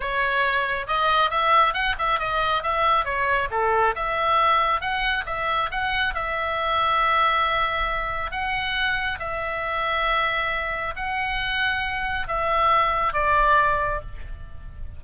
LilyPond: \new Staff \with { instrumentName = "oboe" } { \time 4/4 \tempo 4 = 137 cis''2 dis''4 e''4 | fis''8 e''8 dis''4 e''4 cis''4 | a'4 e''2 fis''4 | e''4 fis''4 e''2~ |
e''2. fis''4~ | fis''4 e''2.~ | e''4 fis''2. | e''2 d''2 | }